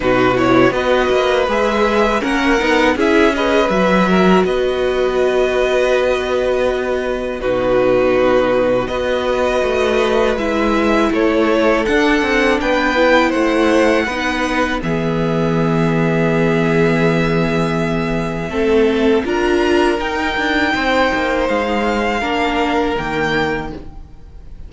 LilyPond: <<
  \new Staff \with { instrumentName = "violin" } { \time 4/4 \tempo 4 = 81 b'8 cis''8 dis''4 e''4 fis''4 | e''8 dis''8 e''4 dis''2~ | dis''2 b'2 | dis''2 e''4 cis''4 |
fis''4 g''4 fis''2 | e''1~ | e''2 ais''4 g''4~ | g''4 f''2 g''4 | }
  \new Staff \with { instrumentName = "violin" } { \time 4/4 fis'4 b'2 ais'4 | gis'8 b'4 ais'8 b'2~ | b'2 fis'2 | b'2. a'4~ |
a'4 b'4 c''4 b'4 | gis'1~ | gis'4 a'4 ais'2 | c''2 ais'2 | }
  \new Staff \with { instrumentName = "viola" } { \time 4/4 dis'8 e'8 fis'4 gis'4 cis'8 dis'8 | e'8 gis'8 fis'2.~ | fis'2 dis'2 | fis'2 e'2 |
d'4. e'4. dis'4 | b1~ | b4 c'4 f'4 dis'4~ | dis'2 d'4 ais4 | }
  \new Staff \with { instrumentName = "cello" } { \time 4/4 b,4 b8 ais8 gis4 ais8 b8 | cis'4 fis4 b2~ | b2 b,2 | b4 a4 gis4 a4 |
d'8 c'8 b4 a4 b4 | e1~ | e4 a4 d'4 dis'8 d'8 | c'8 ais8 gis4 ais4 dis4 | }
>>